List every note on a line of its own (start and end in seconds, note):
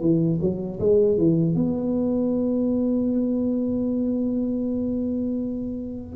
0.00 0.38 E3
0.41 0.79 F#3
0.79 1.17 G#3
1.17 1.55 E3
1.55 6.15 B3